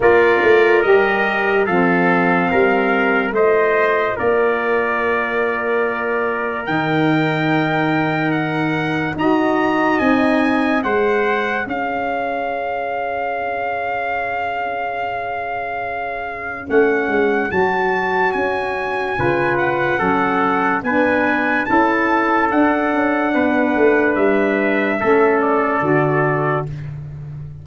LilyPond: <<
  \new Staff \with { instrumentName = "trumpet" } { \time 4/4 \tempo 4 = 72 d''4 dis''4 f''2 | dis''4 d''2. | g''2 fis''4 ais''4 | gis''4 fis''4 f''2~ |
f''1 | fis''4 a''4 gis''4. fis''8~ | fis''4 gis''4 a''4 fis''4~ | fis''4 e''4. d''4. | }
  \new Staff \with { instrumentName = "trumpet" } { \time 4/4 ais'2 a'4 ais'4 | c''4 ais'2.~ | ais'2. dis''4~ | dis''4 c''4 cis''2~ |
cis''1~ | cis''2. b'4 | a'4 b'4 a'2 | b'2 a'2 | }
  \new Staff \with { instrumentName = "saxophone" } { \time 4/4 f'4 g'4 c'2 | f'1 | dis'2. fis'4 | dis'4 gis'2.~ |
gis'1 | cis'4 fis'2 f'4 | cis'4 d'4 e'4 d'4~ | d'2 cis'4 fis'4 | }
  \new Staff \with { instrumentName = "tuba" } { \time 4/4 ais8 a8 g4 f4 g4 | a4 ais2. | dis2. dis'4 | c'4 gis4 cis'2~ |
cis'1 | a8 gis8 fis4 cis'4 cis4 | fis4 b4 cis'4 d'8 cis'8 | b8 a8 g4 a4 d4 | }
>>